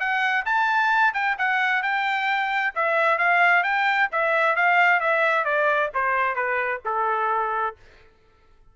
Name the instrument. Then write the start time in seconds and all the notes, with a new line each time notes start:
trumpet
0.00 F#5
0.46 A5
1.14 G5
1.38 F#5
1.83 G5
2.75 E5
3.19 F5
3.64 G5
4.12 E5
4.56 F5
5.00 E5
5.45 D5
5.95 C5
6.36 B4
6.85 A4